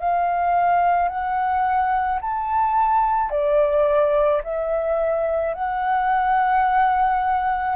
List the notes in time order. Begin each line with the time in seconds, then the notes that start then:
0.00 F5
1.09 F#5
2.22 A5
3.31 D5
4.44 E5
5.55 F#5